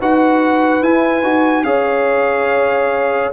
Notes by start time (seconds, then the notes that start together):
0.00 D#4 F#4 B4 F#5
0.82 E4 G#5
1.22 D#4 F#4
1.64 C#4 G#4 C#5 F5